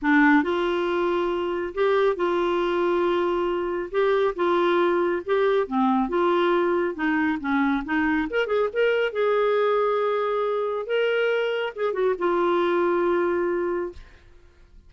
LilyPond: \new Staff \with { instrumentName = "clarinet" } { \time 4/4 \tempo 4 = 138 d'4 f'2. | g'4 f'2.~ | f'4 g'4 f'2 | g'4 c'4 f'2 |
dis'4 cis'4 dis'4 ais'8 gis'8 | ais'4 gis'2.~ | gis'4 ais'2 gis'8 fis'8 | f'1 | }